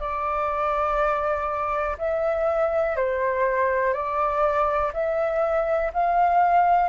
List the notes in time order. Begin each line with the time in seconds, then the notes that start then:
0.00 D5
1.99 E5
2.96 C5
3.94 D5
4.94 E5
5.94 F5